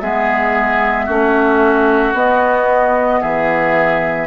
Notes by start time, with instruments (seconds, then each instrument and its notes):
0.00 bassoon G#3, clarinet B3, oboe G#4, flute E5
1.06 bassoon A3, clarinet C#4, oboe F#4
2.14 bassoon B3, clarinet B3, flute D#5
3.21 bassoon E3, oboe G#4, flute E5